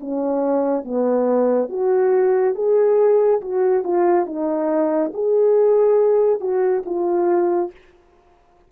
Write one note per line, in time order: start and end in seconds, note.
0.00 0.84 C#4
0.84 1.69 B3
1.69 2.55 F#4
2.55 3.41 G#4
3.41 3.83 F#4
3.83 4.26 F4
4.26 5.12 D#4
5.14 6.41 G#4
6.41 6.83 F#4
6.85 7.71 F4